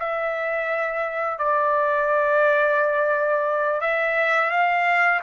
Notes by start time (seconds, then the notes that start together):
0.00 E5
1.39 D5
3.81 E5
4.51 F5